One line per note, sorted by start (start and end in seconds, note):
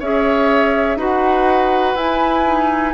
0.00 0.97 C#4
0.00 0.99 G#4
0.00 0.98 C#5
0.00 1.00 E5
0.97 1.95 D#4
0.97 1.97 F#4
0.97 2.94 B4
0.97 1.97 F#5
1.95 2.94 E4
1.95 2.46 E4
1.95 2.94 G#5
2.46 2.94 D#4